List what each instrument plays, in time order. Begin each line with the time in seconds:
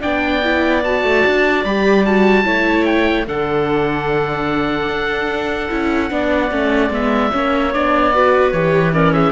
0.00 cello B3, viola D4, clarinet D5, oboe G5
0.43 viola E4
0.84 viola F#4, oboe A5
1.03 cello A3
1.26 cello D4
1.64 cello G3, viola G4, oboe B5
2.05 viola F#4, oboe A5
2.44 cello A3, viola E4, clarinet C#5
2.85 oboe G5
3.26 cello D3, viola D4, clarinet A4, oboe F#5
4.88 cello D4
5.69 cello C#4, viola E4
6.10 cello B3, viola D4, clarinet D5
6.51 cello A3, viola C#4
6.90 cello G#3, viola B3, oboe E5
7.32 cello A#3, viola C#4, clarinet C#5
7.73 cello B3, viola D4, oboe D5
8.14 viola F#4, clarinet B4
8.51 cello E3, viola G4, oboe C#5
8.93 viola C#4, clarinet A#4, oboe D5
9.12 clarinet G#4, oboe E5